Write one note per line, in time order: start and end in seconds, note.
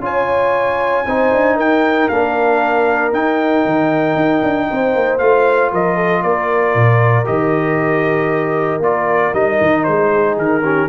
0.00 1.03 C#4
0.00 1.05 F4
0.00 1.06 C#5
0.00 1.60 G#5
1.06 1.32 C4
1.06 2.11 D#4
1.06 1.56 C5
1.33 1.56 D4
1.56 2.08 D#4
1.56 4.67 A#4
1.56 2.09 G5
2.09 3.13 A#3
2.09 3.13 D4
2.09 3.12 F5
3.13 5.20 D#4
3.13 3.65 D#4
3.13 5.19 G5
3.66 4.16 D#3
4.16 4.42 D#4
4.43 4.69 D4
4.71 4.95 C4
4.71 5.73 C5
4.95 5.21 A#3
5.19 5.73 A3
5.19 7.25 F4
5.19 5.71 F5
5.73 6.23 F3
5.73 5.96 A#4
5.73 6.23 D#5
5.96 6.22 A4
6.23 6.75 A#3
6.23 10.12 A#4
6.23 7.26 D5
6.75 7.27 A#2
7.25 8.80 D#3
7.25 8.80 G4
7.25 8.82 D#5
8.80 9.31 A#3
8.80 9.33 F4
8.80 9.34 D5
9.33 9.59 G3
9.33 10.62 D#4
9.33 9.84 D#5
9.61 9.87 D#3
9.84 10.38 G#3
9.84 10.36 C5
10.12 10.63 G#4
10.38 10.89 D#3
10.38 10.89 A#4
10.63 10.89 C#4
10.63 10.89 G4